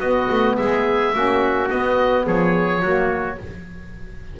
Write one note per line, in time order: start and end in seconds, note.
0.00 0.29 B3
0.00 1.14 B3
0.00 0.56 F#4
0.00 0.57 D#5
0.31 0.59 A3
0.57 1.14 G#3
0.57 1.15 G#4
0.57 1.69 E5
1.14 1.70 A#3
1.14 1.68 C#4
1.14 2.26 F#4
1.68 2.80 B3
1.68 2.27 B3
1.68 2.26 D#5
2.26 2.83 F3
2.26 2.82 G#4
2.26 3.40 C#5
2.82 3.39 F#3
2.82 3.39 A#3
2.82 3.38 F#4